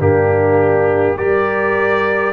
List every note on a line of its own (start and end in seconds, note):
0.00 1.18 G2
0.00 1.18 A#3
0.00 1.17 D4
0.00 1.18 G4
1.17 2.33 G3
1.17 2.33 G4
1.17 2.33 A#4
1.17 2.33 D5